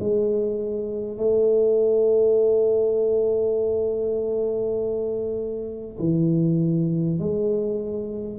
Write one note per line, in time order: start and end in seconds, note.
0.00 1.18 G#3
1.18 5.98 A3
5.99 7.19 E3
7.20 8.39 G#3